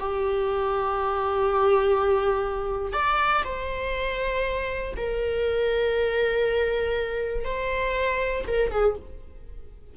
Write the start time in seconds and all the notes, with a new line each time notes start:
0.00 G4
2.93 D5
3.45 C5
4.97 A#4
7.45 C5
8.48 A#4
8.71 G#4